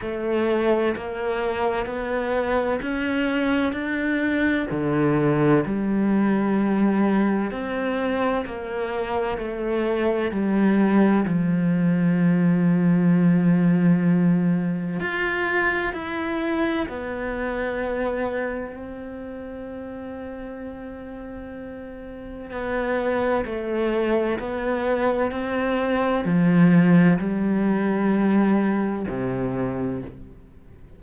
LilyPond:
\new Staff \with { instrumentName = "cello" } { \time 4/4 \tempo 4 = 64 a4 ais4 b4 cis'4 | d'4 d4 g2 | c'4 ais4 a4 g4 | f1 |
f'4 e'4 b2 | c'1 | b4 a4 b4 c'4 | f4 g2 c4 | }